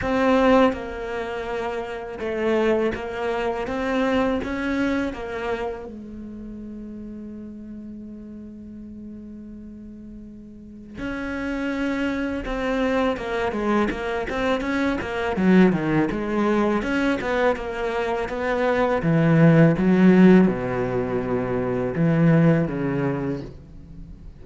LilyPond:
\new Staff \with { instrumentName = "cello" } { \time 4/4 \tempo 4 = 82 c'4 ais2 a4 | ais4 c'4 cis'4 ais4 | gis1~ | gis2. cis'4~ |
cis'4 c'4 ais8 gis8 ais8 c'8 | cis'8 ais8 fis8 dis8 gis4 cis'8 b8 | ais4 b4 e4 fis4 | b,2 e4 cis4 | }